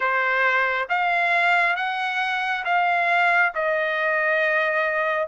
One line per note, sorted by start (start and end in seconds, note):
0.00 0.88 C5
0.89 1.76 F5
1.76 2.64 F#5
2.64 3.53 F5
3.54 5.27 D#5